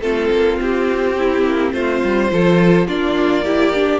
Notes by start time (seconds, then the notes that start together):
0.00 A3 C4 F4 A4
0.30 A#3
0.60 C4 G4
1.18 E4
1.44 A#3
1.72 A3 F4 C5
2.03 G3
2.30 F3 F4 A4
2.87 A#3 D4 F4 D5
3.44 E4 G4
3.74 D4